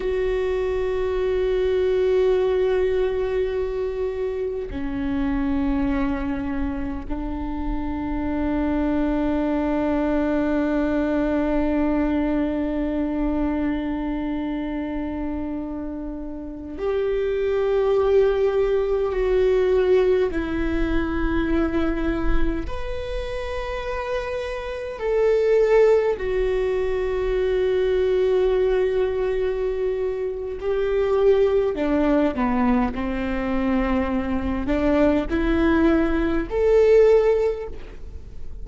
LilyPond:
\new Staff \with { instrumentName = "viola" } { \time 4/4 \tempo 4 = 51 fis'1 | cis'2 d'2~ | d'1~ | d'2~ d'16 g'4.~ g'16~ |
g'16 fis'4 e'2 b'8.~ | b'4~ b'16 a'4 fis'4.~ fis'16~ | fis'2 g'4 d'8 b8 | c'4. d'8 e'4 a'4 | }